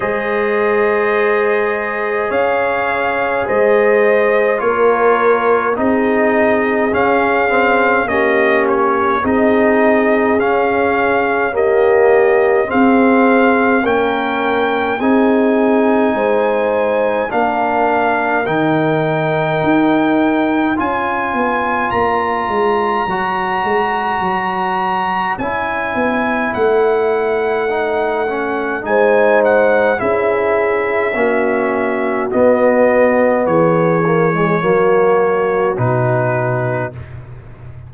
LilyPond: <<
  \new Staff \with { instrumentName = "trumpet" } { \time 4/4 \tempo 4 = 52 dis''2 f''4 dis''4 | cis''4 dis''4 f''4 dis''8 cis''8 | dis''4 f''4 dis''4 f''4 | g''4 gis''2 f''4 |
g''2 gis''4 ais''4~ | ais''2 gis''4 fis''4~ | fis''4 gis''8 fis''8 e''2 | dis''4 cis''2 b'4 | }
  \new Staff \with { instrumentName = "horn" } { \time 4/4 c''2 cis''4 c''4 | ais'4 gis'2 g'4 | gis'2 g'4 gis'4 | ais'4 gis'4 c''4 ais'4~ |
ais'2 cis''2~ | cis''1~ | cis''4 c''4 gis'4 fis'4~ | fis'4 gis'4 fis'2 | }
  \new Staff \with { instrumentName = "trombone" } { \time 4/4 gis'1 | f'4 dis'4 cis'8 c'8 cis'4 | dis'4 cis'4 ais4 c'4 | cis'4 dis'2 d'4 |
dis'2 f'2 | fis'2 e'2 | dis'8 cis'8 dis'4 e'4 cis'4 | b4. ais16 gis16 ais4 dis'4 | }
  \new Staff \with { instrumentName = "tuba" } { \time 4/4 gis2 cis'4 gis4 | ais4 c'4 cis'4 ais4 | c'4 cis'2 c'4 | ais4 c'4 gis4 ais4 |
dis4 dis'4 cis'8 b8 ais8 gis8 | fis8 gis8 fis4 cis'8 b8 a4~ | a4 gis4 cis'4 ais4 | b4 e4 fis4 b,4 | }
>>